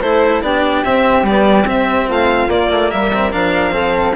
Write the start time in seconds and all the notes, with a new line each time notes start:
0.00 A3 E4 A4 C5
0.41 B3 D4 G4 D5
0.84 C4 E5
1.23 G3 B3 D5
1.64 C4 E5
2.08 A3 F4 F5
2.47 A#3 D5
2.70 A3
2.90 G3 A#4 E5
3.13 C4
3.32 F3 D4 F5
3.71 C4 A4